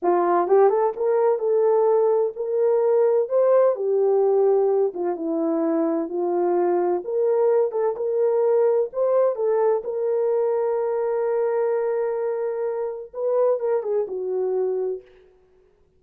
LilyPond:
\new Staff \with { instrumentName = "horn" } { \time 4/4 \tempo 4 = 128 f'4 g'8 a'8 ais'4 a'4~ | a'4 ais'2 c''4 | g'2~ g'8 f'8 e'4~ | e'4 f'2 ais'4~ |
ais'8 a'8 ais'2 c''4 | a'4 ais'2.~ | ais'1 | b'4 ais'8 gis'8 fis'2 | }